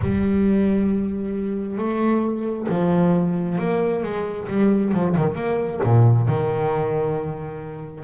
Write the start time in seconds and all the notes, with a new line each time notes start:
0.01 G3
1.77 A3
2.68 F3
3.58 A#3
4.03 G#3
4.48 G3
4.93 F3
5.16 D#3
5.35 A#3
5.83 A#2
6.27 D#3